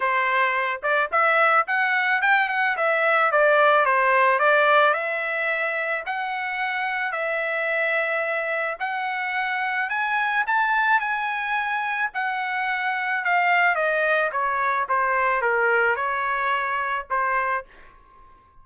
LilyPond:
\new Staff \with { instrumentName = "trumpet" } { \time 4/4 \tempo 4 = 109 c''4. d''8 e''4 fis''4 | g''8 fis''8 e''4 d''4 c''4 | d''4 e''2 fis''4~ | fis''4 e''2. |
fis''2 gis''4 a''4 | gis''2 fis''2 | f''4 dis''4 cis''4 c''4 | ais'4 cis''2 c''4 | }